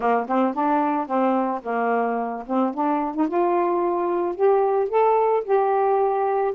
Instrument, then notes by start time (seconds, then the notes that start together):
saxophone
0.00 A#3
0.27 C4
0.54 D4
1.06 C4
1.62 A#3
2.46 C4
2.73 D4
3.14 D#4
3.28 F4
4.35 G4
4.89 A4
5.44 G4